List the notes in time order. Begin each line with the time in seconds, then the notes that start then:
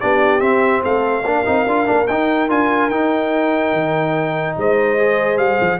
0.00 B3 D4 G4 D5
0.40 C4 E5
0.83 A3 A4 F5
1.24 A#3 D4 A#4
1.45 C4 D#4
1.67 D4 F4
1.86 A#3 D4
2.07 D#4 G5
2.49 D4 F4 G#5
2.90 D#4 G5
3.73 D#3
4.57 G#3 C5 D#5
4.98 G#4
5.37 G3 F5
5.61 F3